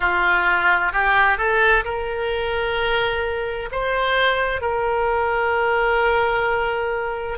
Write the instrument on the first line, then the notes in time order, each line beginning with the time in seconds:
oboe
0.00 F4
0.92 G4
1.37 A4
1.84 A#4
3.71 C5
4.61 A#4